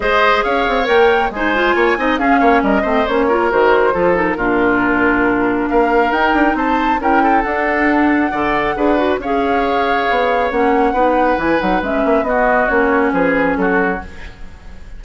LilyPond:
<<
  \new Staff \with { instrumentName = "flute" } { \time 4/4 \tempo 4 = 137 dis''4 f''4 g''4 gis''4~ | gis''4 f''4 dis''4 cis''4 | c''4. ais'2~ ais'8~ | ais'4 f''4 g''4 a''4 |
g''4 fis''2.~ | fis''4 f''2. | fis''2 gis''8 fis''8 e''4 | dis''4 cis''4 b'4 a'4 | }
  \new Staff \with { instrumentName = "oboe" } { \time 4/4 c''4 cis''2 c''4 | cis''8 dis''8 gis'8 cis''8 ais'8 c''4 ais'8~ | ais'4 a'4 f'2~ | f'4 ais'2 c''4 |
ais'8 a'2~ a'8 d''4 | b'4 cis''2.~ | cis''4 b'2. | fis'2 gis'4 fis'4 | }
  \new Staff \with { instrumentName = "clarinet" } { \time 4/4 gis'2 ais'4 dis'8 f'8~ | f'8 dis'8 cis'4. c'8 cis'8 f'8 | fis'4 f'8 dis'8 d'2~ | d'2 dis'2 |
e'4 d'2 a'4 | gis'8 fis'8 gis'2. | cis'4 dis'4 e'8 dis'8 cis'4 | b4 cis'2. | }
  \new Staff \with { instrumentName = "bassoon" } { \time 4/4 gis4 cis'8 c'8 ais4 gis4 | ais8 c'8 cis'8 ais8 g8 a8 ais4 | dis4 f4 ais,2~ | ais,4 ais4 dis'8 d'8 c'4 |
cis'4 d'2 d4 | d'4 cis'2 b4 | ais4 b4 e8 fis8 gis8 ais8 | b4 ais4 f4 fis4 | }
>>